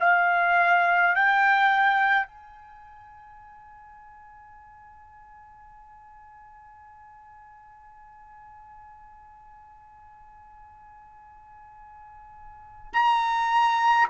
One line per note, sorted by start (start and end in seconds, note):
0.00 1.15 F5
1.15 2.27 G5
2.27 12.93 G#5
12.93 14.08 A#5